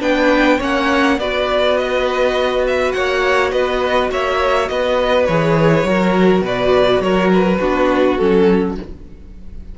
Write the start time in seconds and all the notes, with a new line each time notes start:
0.00 B3 D4 B4 G5
0.57 A#3 C#4 C#5 F#5
1.18 B3 F#4 B4 D5
1.77 D#5
2.67 E5
2.92 A#3 C#5 F#5
3.51 B3 B4 D#5
4.11 A#3 C#5 E5
4.68 B3 B4 D#5
5.25 E3 G#4 C#5
5.83 F#3 F#4 A#4
6.41 B2 B4 D5
7.00 F#3 A#4 C#5
7.33 B4
7.58 B3 D4 F#4
8.16 F#3 C#4 A4